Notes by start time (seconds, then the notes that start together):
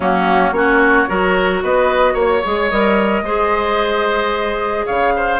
0.00 F#3 A#3 C#4 F#4
0.51 A#3 C#4 F#4 C#5
1.07 F#3 F#4 A#4
1.62 B3 B4 D#5
2.13 A#3 C#5
2.44 G#3 G#4
2.70 G3 A#4 D#5
3.22 G#3 G#4 C5
4.86 C#3 C#5 F5
5.16 C5